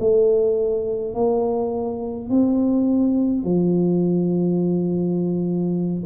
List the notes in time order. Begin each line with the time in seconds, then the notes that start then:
0.00 A3
1.14 A#3
2.30 C4
3.44 F3